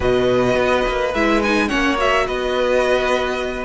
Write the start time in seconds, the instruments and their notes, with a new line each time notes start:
0.00 cello B2, viola F#4, violin B4 D#5
0.55 cello B3
0.88 cello A#3
1.13 cello G#3, viola E4, violin E5
1.42 viola D#4, violin G#5
1.68 cello A#3, viola C#4, violin C#5 F#5
1.97 viola F#4, violin E5
2.27 cello B3, violin B4 D#5